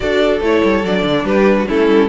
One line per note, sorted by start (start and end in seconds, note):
0.00 0.40 D4
0.00 0.41 F#4
0.00 1.24 A4
0.00 0.40 D5
0.40 0.61 A3
0.40 0.84 E4
0.40 0.84 C#5
0.64 0.84 G3
0.84 1.03 F#3
0.84 1.67 D4
0.84 1.26 D5
1.03 1.23 D3
1.23 1.65 G3
1.23 1.55 G4
1.23 1.67 B4
1.58 1.68 F#4
1.67 1.88 A3
1.67 2.09 C#4
1.67 2.09 E4
1.67 2.09 A4
1.88 2.09 G3